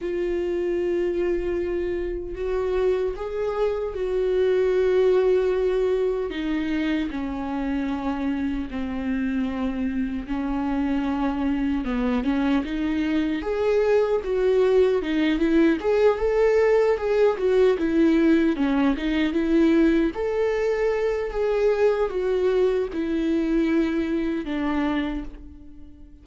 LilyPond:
\new Staff \with { instrumentName = "viola" } { \time 4/4 \tempo 4 = 76 f'2. fis'4 | gis'4 fis'2. | dis'4 cis'2 c'4~ | c'4 cis'2 b8 cis'8 |
dis'4 gis'4 fis'4 dis'8 e'8 | gis'8 a'4 gis'8 fis'8 e'4 cis'8 | dis'8 e'4 a'4. gis'4 | fis'4 e'2 d'4 | }